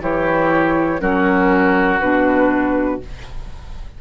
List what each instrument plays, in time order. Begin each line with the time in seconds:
0.00 bassoon E3, clarinet E4, oboe G4, flute C#5
0.99 bassoon F#3, clarinet C#4, oboe F#4, flute A#4
2.00 bassoon B2, clarinet D4, flute B4